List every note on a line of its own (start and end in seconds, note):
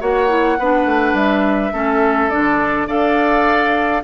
0.00 0.58 A#3
0.00 0.28 F#4
0.00 0.58 C#5
0.00 1.16 F#5
0.28 0.57 E4
0.58 0.85 B3
0.58 1.73 D4
0.58 1.73 B4
0.85 1.13 A3
1.13 1.71 G3
1.13 2.30 E5
1.73 2.31 A3
1.73 2.30 C#4
1.73 2.87 A4
2.30 2.87 D3
2.30 2.87 D4
2.30 2.87 D5
2.87 4.03 D4
2.87 4.03 A4
2.87 4.03 D5
2.87 4.03 F5